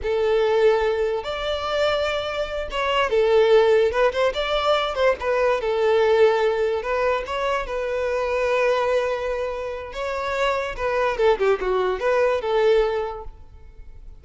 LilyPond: \new Staff \with { instrumentName = "violin" } { \time 4/4 \tempo 4 = 145 a'2. d''4~ | d''2~ d''8 cis''4 a'8~ | a'4. b'8 c''8 d''4. | c''8 b'4 a'2~ a'8~ |
a'8 b'4 cis''4 b'4.~ | b'1 | cis''2 b'4 a'8 g'8 | fis'4 b'4 a'2 | }